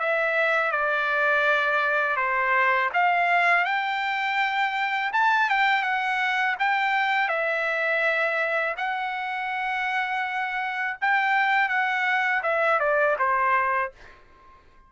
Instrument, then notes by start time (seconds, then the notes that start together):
trumpet
0.00 E5
0.72 D5
2.17 C5
2.94 F5
3.65 G5
5.13 A5
5.50 G5
5.83 F#5
6.60 G5
7.29 E5
8.78 F#5
11.02 G5
11.69 F#5
12.43 E5
12.80 D5
13.19 C5